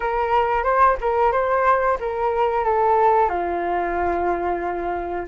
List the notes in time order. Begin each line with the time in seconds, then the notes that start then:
0.00 A#4
0.63 C5
1.00 A#4
1.32 C5
2.00 A#4
2.64 A4
3.29 F4